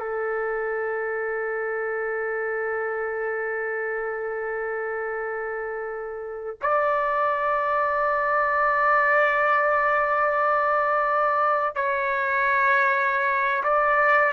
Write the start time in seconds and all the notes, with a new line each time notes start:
0.00 A4
6.62 D5
11.76 C#5
13.64 D5